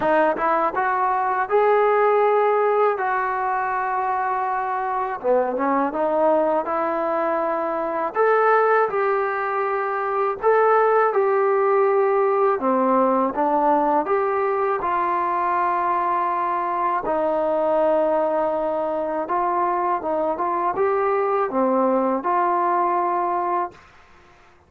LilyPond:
\new Staff \with { instrumentName = "trombone" } { \time 4/4 \tempo 4 = 81 dis'8 e'8 fis'4 gis'2 | fis'2. b8 cis'8 | dis'4 e'2 a'4 | g'2 a'4 g'4~ |
g'4 c'4 d'4 g'4 | f'2. dis'4~ | dis'2 f'4 dis'8 f'8 | g'4 c'4 f'2 | }